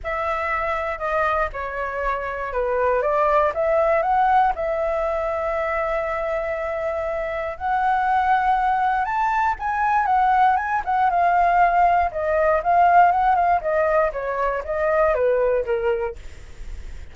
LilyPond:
\new Staff \with { instrumentName = "flute" } { \time 4/4 \tempo 4 = 119 e''2 dis''4 cis''4~ | cis''4 b'4 d''4 e''4 | fis''4 e''2.~ | e''2. fis''4~ |
fis''2 a''4 gis''4 | fis''4 gis''8 fis''8 f''2 | dis''4 f''4 fis''8 f''8 dis''4 | cis''4 dis''4 b'4 ais'4 | }